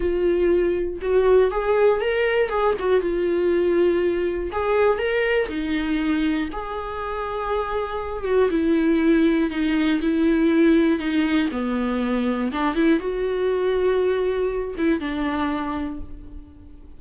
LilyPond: \new Staff \with { instrumentName = "viola" } { \time 4/4 \tempo 4 = 120 f'2 fis'4 gis'4 | ais'4 gis'8 fis'8 f'2~ | f'4 gis'4 ais'4 dis'4~ | dis'4 gis'2.~ |
gis'8 fis'8 e'2 dis'4 | e'2 dis'4 b4~ | b4 d'8 e'8 fis'2~ | fis'4. e'8 d'2 | }